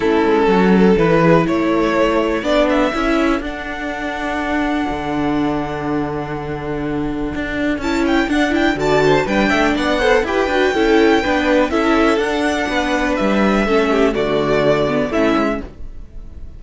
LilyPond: <<
  \new Staff \with { instrumentName = "violin" } { \time 4/4 \tempo 4 = 123 a'2 b'4 cis''4~ | cis''4 d''8 e''4. fis''4~ | fis''1~ | fis''1 |
a''8 g''8 fis''8 g''8 a''4 g''4 | fis''4 g''2. | e''4 fis''2 e''4~ | e''4 d''2 e''4 | }
  \new Staff \with { instrumentName = "violin" } { \time 4/4 e'4 fis'8 a'4 gis'8 a'4~ | a'1~ | a'1~ | a'1~ |
a'2 d''8 c''8 b'8 e''8 | d''8 c''8 b'4 a'4 b'4 | a'2 b'2 | a'8 g'8 fis'2 e'4 | }
  \new Staff \with { instrumentName = "viola" } { \time 4/4 cis'2 e'2~ | e'4 d'4 e'4 d'4~ | d'1~ | d'1 |
e'4 d'8 e'8 fis'4 d'4~ | d'8 a'8 g'8 fis'8 e'4 d'4 | e'4 d'2. | cis'4 a4. b8 cis'4 | }
  \new Staff \with { instrumentName = "cello" } { \time 4/4 a8 gis8 fis4 e4 a4~ | a4 b4 cis'4 d'4~ | d'2 d2~ | d2. d'4 |
cis'4 d'4 d4 g8 a8 | b4 e'8 d'8 cis'4 b4 | cis'4 d'4 b4 g4 | a4 d2 a8 gis8 | }
>>